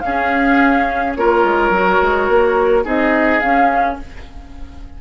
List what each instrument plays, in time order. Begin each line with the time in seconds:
0.00 bassoon C#4, clarinet C#4, oboe G#4, flute F5
1.15 bassoon A#3, clarinet F4, oboe A#4, flute C#5
1.44 bassoon G#3
1.69 bassoon F#3, clarinet F#4
2.01 bassoon G#3
2.29 bassoon A#3
2.83 bassoon C4, clarinet D#4, oboe G#4, flute D#5
3.39 bassoon C#4, clarinet C#4, flute F5